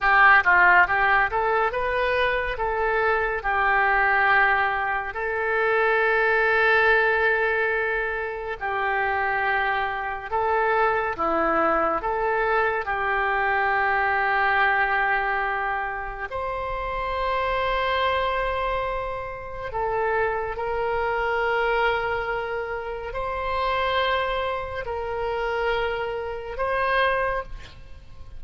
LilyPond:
\new Staff \with { instrumentName = "oboe" } { \time 4/4 \tempo 4 = 70 g'8 f'8 g'8 a'8 b'4 a'4 | g'2 a'2~ | a'2 g'2 | a'4 e'4 a'4 g'4~ |
g'2. c''4~ | c''2. a'4 | ais'2. c''4~ | c''4 ais'2 c''4 | }